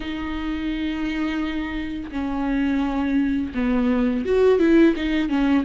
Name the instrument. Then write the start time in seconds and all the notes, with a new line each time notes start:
viola
0.00 D#4
2.11 C#4
3.54 B3
4.25 F#4
4.59 E4
4.96 D#4
5.29 C#4